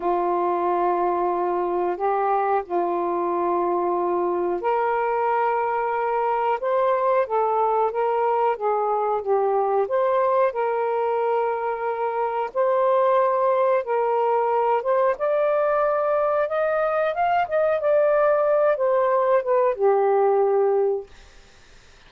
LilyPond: \new Staff \with { instrumentName = "saxophone" } { \time 4/4 \tempo 4 = 91 f'2. g'4 | f'2. ais'4~ | ais'2 c''4 a'4 | ais'4 gis'4 g'4 c''4 |
ais'2. c''4~ | c''4 ais'4. c''8 d''4~ | d''4 dis''4 f''8 dis''8 d''4~ | d''8 c''4 b'8 g'2 | }